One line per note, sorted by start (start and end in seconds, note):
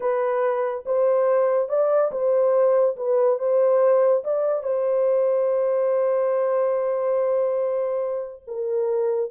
0.00 0.84 B4
0.85 1.68 C5
1.68 2.11 D5
2.11 2.96 C5
2.96 3.38 B4
3.38 4.23 C5
4.24 4.63 D5
4.63 8.43 C5
8.47 9.30 A#4